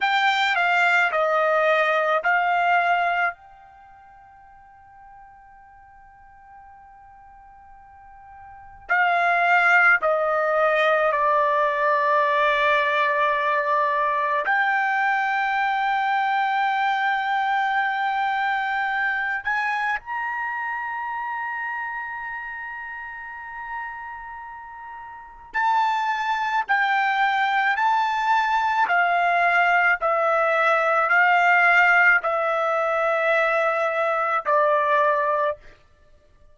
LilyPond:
\new Staff \with { instrumentName = "trumpet" } { \time 4/4 \tempo 4 = 54 g''8 f''8 dis''4 f''4 g''4~ | g''1 | f''4 dis''4 d''2~ | d''4 g''2.~ |
g''4. gis''8 ais''2~ | ais''2. a''4 | g''4 a''4 f''4 e''4 | f''4 e''2 d''4 | }